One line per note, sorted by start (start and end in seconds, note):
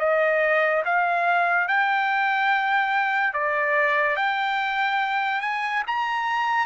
0.00 0.83 D#5
0.86 1.68 F5
1.68 3.34 G5
3.34 4.17 D5
4.17 5.42 G5
5.42 5.83 G#5
5.87 6.67 A#5